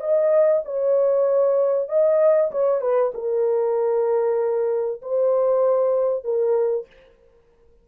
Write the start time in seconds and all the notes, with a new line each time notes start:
0.00 D#5
0.65 C#5
1.88 D#5
2.51 C#5
2.81 B4
3.14 A#4
5.02 C5
6.24 A#4